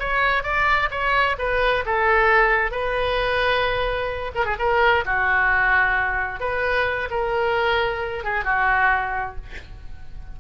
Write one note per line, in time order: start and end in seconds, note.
0.00 0.44 C#5
0.44 0.90 D5
0.91 1.37 C#5
1.39 1.85 B4
1.86 2.72 A4
2.72 4.32 B4
4.35 4.46 A#4
4.46 4.57 G#4
4.59 5.05 A#4
5.06 6.41 F#4
6.41 7.09 B4
7.11 8.24 A#4
8.24 8.45 G#4
8.45 9.36 F#4